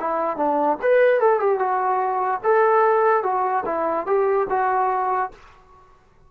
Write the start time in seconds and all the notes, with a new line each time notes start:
0.00 E4
0.37 D4
0.82 B4
1.20 A4
1.40 G4
1.59 F#4
2.44 A4
3.23 F#4
3.66 E4
4.06 G4
4.50 F#4